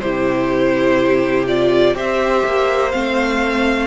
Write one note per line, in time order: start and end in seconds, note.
0.00 1.95 C3
0.00 1.47 E4
0.00 1.96 G4
0.00 1.45 C5
1.47 1.94 F4
1.47 1.96 D5
1.94 2.43 C4
1.94 2.91 G4
1.94 3.87 C5
1.94 2.91 E5
2.45 2.94 A#3
2.91 3.87 A3
2.91 3.87 C4
2.91 3.87 F5